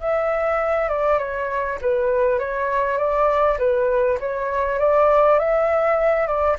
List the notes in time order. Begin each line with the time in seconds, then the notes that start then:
0.00 E5
0.88 D5
1.19 C#5
1.81 B4
2.39 C#5
2.98 D5
3.58 B4
4.20 C#5
4.79 D5
5.39 E5
6.27 D5